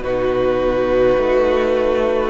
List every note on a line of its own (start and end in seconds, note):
0.00 1.15 B2
0.00 2.30 D#4
0.00 2.30 F#4
0.00 2.30 B4
1.17 2.30 A3